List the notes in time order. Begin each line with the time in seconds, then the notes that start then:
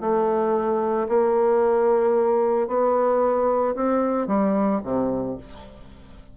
0.00 A3
1.08 A#3
2.67 B3
3.75 C4
4.27 G3
4.83 C3